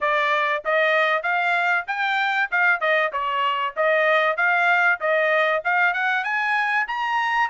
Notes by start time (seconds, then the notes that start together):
0.01 D5
0.64 D#5
1.22 F5
1.87 G5
2.51 F5
2.80 D#5
3.12 C#5
3.76 D#5
4.36 F5
5.00 D#5
5.64 F5
5.93 F#5
6.24 G#5
6.87 A#5